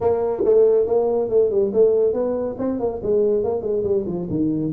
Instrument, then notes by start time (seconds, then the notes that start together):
tuba
0.00 A#3
0.44 A3
0.86 A#3
1.29 A3
1.50 G3
1.73 A3
2.13 B3
2.58 C4
2.79 A#3
3.03 G#3
3.43 A#3
3.61 G#3
3.83 G3
4.06 F3
4.30 D#3